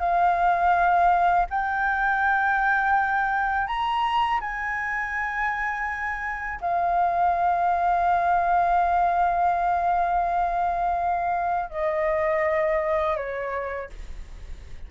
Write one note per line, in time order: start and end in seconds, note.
0.00 1.46 F5
1.50 3.68 G5
3.68 4.41 A#5
4.41 6.60 G#5
6.61 11.70 F5
11.70 13.17 D#5
13.17 13.90 C#5